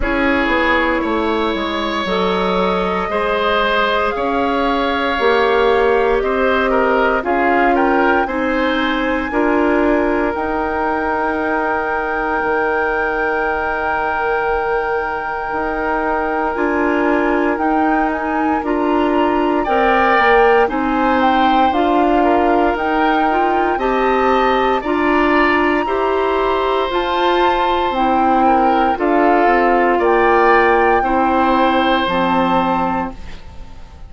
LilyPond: <<
  \new Staff \with { instrumentName = "flute" } { \time 4/4 \tempo 4 = 58 cis''2 dis''2 | f''2 dis''4 f''8 g''8 | gis''2 g''2~ | g''1 |
gis''4 g''8 gis''8 ais''4 g''4 | gis''8 g''8 f''4 g''4 a''4 | ais''2 a''4 g''4 | f''4 g''2 a''4 | }
  \new Staff \with { instrumentName = "oboe" } { \time 4/4 gis'4 cis''2 c''4 | cis''2 c''8 ais'8 gis'8 ais'8 | c''4 ais'2.~ | ais'1~ |
ais'2. d''4 | c''4. ais'4. dis''4 | d''4 c''2~ c''8 ais'8 | a'4 d''4 c''2 | }
  \new Staff \with { instrumentName = "clarinet" } { \time 4/4 e'2 a'4 gis'4~ | gis'4 g'2 f'4 | dis'4 f'4 dis'2~ | dis'1 |
f'4 dis'4 f'4 ais'4 | dis'4 f'4 dis'8 f'8 g'4 | f'4 g'4 f'4 e'4 | f'2 e'4 c'4 | }
  \new Staff \with { instrumentName = "bassoon" } { \time 4/4 cis'8 b8 a8 gis8 fis4 gis4 | cis'4 ais4 c'4 cis'4 | c'4 d'4 dis'2 | dis2. dis'4 |
d'4 dis'4 d'4 c'8 ais8 | c'4 d'4 dis'4 c'4 | d'4 e'4 f'4 c'4 | d'8 c'8 ais4 c'4 f4 | }
>>